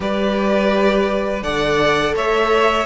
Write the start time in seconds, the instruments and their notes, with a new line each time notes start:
0.00 cello G3, viola G4, violin B4 D5
1.42 cello D3, viola A4, violin D5 F#5
2.15 cello A3, violin C#5 E5